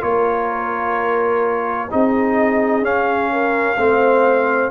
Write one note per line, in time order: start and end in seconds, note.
0.00 1.89 A#3
0.00 1.88 F4
0.00 1.90 A#4
0.00 1.89 C#5
1.90 2.82 C4
1.90 2.82 D#4
1.90 3.32 G#4
1.90 2.84 D#5
2.82 3.76 C#4
2.82 4.70 F5
3.32 3.77 A#4
3.77 4.70 A3
3.77 4.70 C4
3.77 4.70 C5